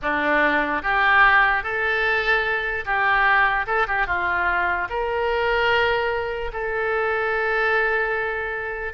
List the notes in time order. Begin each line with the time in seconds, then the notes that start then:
0.01 D4
0.82 G4
1.63 A4
2.85 G4
3.66 A4
3.87 G4
4.07 F4
4.89 A#4
6.53 A4